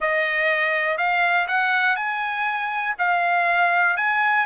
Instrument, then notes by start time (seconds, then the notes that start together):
trumpet
0.00 D#5
0.97 F5
1.47 F#5
1.96 G#5
2.98 F5
3.96 G#5